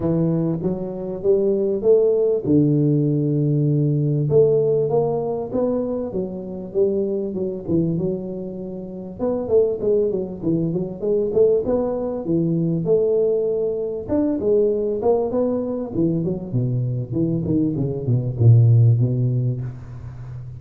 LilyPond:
\new Staff \with { instrumentName = "tuba" } { \time 4/4 \tempo 4 = 98 e4 fis4 g4 a4 | d2. a4 | ais4 b4 fis4 g4 | fis8 e8 fis2 b8 a8 |
gis8 fis8 e8 fis8 gis8 a8 b4 | e4 a2 d'8 gis8~ | gis8 ais8 b4 e8 fis8 b,4 | e8 dis8 cis8 b,8 ais,4 b,4 | }